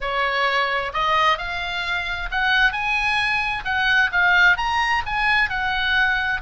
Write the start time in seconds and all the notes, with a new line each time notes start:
0.00 C#5
0.93 D#5
1.38 F5
2.31 F#5
2.72 G#5
3.64 F#5
4.12 F5
4.57 A#5
5.06 G#5
5.49 F#5